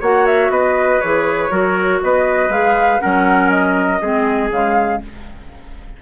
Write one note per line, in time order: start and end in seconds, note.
0.00 0.49 A#3
0.00 1.02 F#4
0.00 0.50 C#5
0.00 0.26 F#5
0.26 0.51 E5
0.49 0.99 B3
0.49 1.51 B4
0.49 1.01 D#5
1.01 1.50 E3
1.01 1.50 G#4
1.01 2.01 C#5
1.50 2.00 F#3
1.50 2.50 F#4
1.50 2.01 A#4
2.02 2.48 B3
2.02 3.02 B4
2.02 2.52 D#5
2.48 2.98 G#3
2.48 3.00 G#4
2.48 3.00 F5
3.00 4.01 F#3
3.00 4.00 C#4
3.00 4.02 A#4
3.00 3.50 F#5
3.50 4.50 D#5
4.01 4.50 G#3
4.01 4.51 C4
4.01 5.02 G#4
4.50 5.00 C#3
4.50 5.01 G#3
4.50 5.02 F5